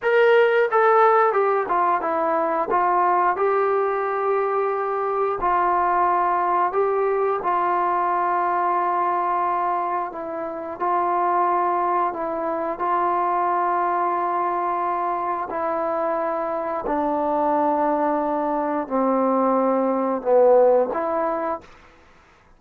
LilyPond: \new Staff \with { instrumentName = "trombone" } { \time 4/4 \tempo 4 = 89 ais'4 a'4 g'8 f'8 e'4 | f'4 g'2. | f'2 g'4 f'4~ | f'2. e'4 |
f'2 e'4 f'4~ | f'2. e'4~ | e'4 d'2. | c'2 b4 e'4 | }